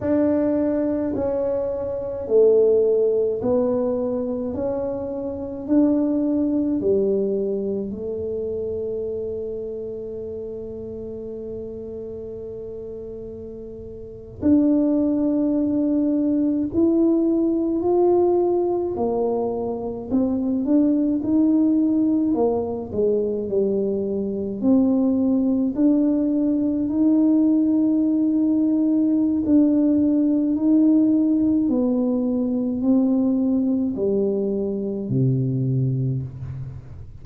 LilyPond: \new Staff \with { instrumentName = "tuba" } { \time 4/4 \tempo 4 = 53 d'4 cis'4 a4 b4 | cis'4 d'4 g4 a4~ | a1~ | a8. d'2 e'4 f'16~ |
f'8. ais4 c'8 d'8 dis'4 ais16~ | ais16 gis8 g4 c'4 d'4 dis'16~ | dis'2 d'4 dis'4 | b4 c'4 g4 c4 | }